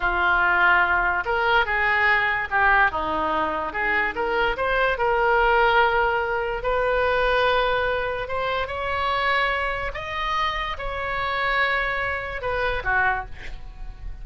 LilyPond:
\new Staff \with { instrumentName = "oboe" } { \time 4/4 \tempo 4 = 145 f'2. ais'4 | gis'2 g'4 dis'4~ | dis'4 gis'4 ais'4 c''4 | ais'1 |
b'1 | c''4 cis''2. | dis''2 cis''2~ | cis''2 b'4 fis'4 | }